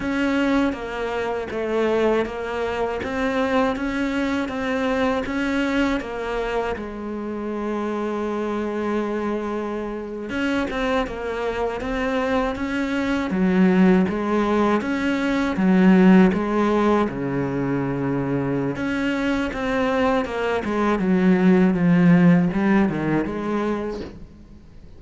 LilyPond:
\new Staff \with { instrumentName = "cello" } { \time 4/4 \tempo 4 = 80 cis'4 ais4 a4 ais4 | c'4 cis'4 c'4 cis'4 | ais4 gis2.~ | gis4.~ gis16 cis'8 c'8 ais4 c'16~ |
c'8. cis'4 fis4 gis4 cis'16~ | cis'8. fis4 gis4 cis4~ cis16~ | cis4 cis'4 c'4 ais8 gis8 | fis4 f4 g8 dis8 gis4 | }